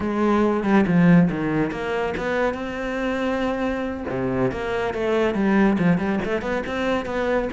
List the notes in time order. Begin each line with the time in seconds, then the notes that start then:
0.00 G#3
0.63 G3
0.86 F3
1.30 D#3
1.71 A#3
2.17 B3
2.54 C4
4.09 C3
4.51 A#3
4.94 A3
5.34 G3
5.78 F3
5.98 G3
6.25 A3
6.41 B3
6.66 C4
7.05 B3